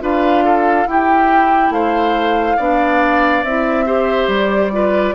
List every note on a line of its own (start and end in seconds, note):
0.00 0.86 D4
0.00 0.86 F4
0.00 0.44 B4
0.00 0.87 F5
0.44 0.87 A4
0.86 1.70 E4
0.86 2.59 E4
0.86 1.73 G4
0.86 1.72 G5
1.70 2.55 A3
1.70 2.56 C5
1.70 3.43 F5
2.56 3.43 B3
2.56 3.44 D4
2.56 3.85 D5
3.43 4.27 C4
3.43 3.86 E4
3.43 4.29 E5
3.86 4.71 G4
3.86 4.71 C5
4.27 5.13 G3
4.27 5.14 D5
4.71 5.14 F4
4.71 5.14 B4